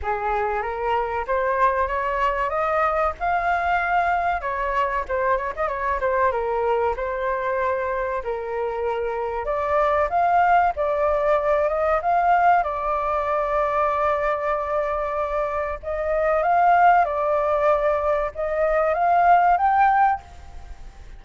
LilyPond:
\new Staff \with { instrumentName = "flute" } { \time 4/4 \tempo 4 = 95 gis'4 ais'4 c''4 cis''4 | dis''4 f''2 cis''4 | c''8 cis''16 dis''16 cis''8 c''8 ais'4 c''4~ | c''4 ais'2 d''4 |
f''4 d''4. dis''8 f''4 | d''1~ | d''4 dis''4 f''4 d''4~ | d''4 dis''4 f''4 g''4 | }